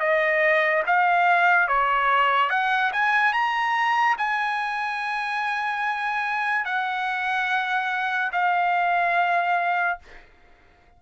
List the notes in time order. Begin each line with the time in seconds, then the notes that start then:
0.00 D#5
0.87 F5
1.68 C#5
2.50 F#5
2.93 G#5
3.33 A#5
4.18 G#5
6.65 F#5
8.33 F5